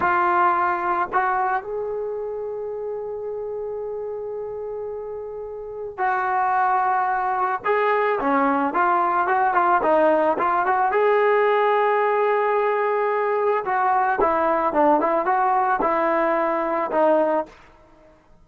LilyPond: \new Staff \with { instrumentName = "trombone" } { \time 4/4 \tempo 4 = 110 f'2 fis'4 gis'4~ | gis'1~ | gis'2. fis'4~ | fis'2 gis'4 cis'4 |
f'4 fis'8 f'8 dis'4 f'8 fis'8 | gis'1~ | gis'4 fis'4 e'4 d'8 e'8 | fis'4 e'2 dis'4 | }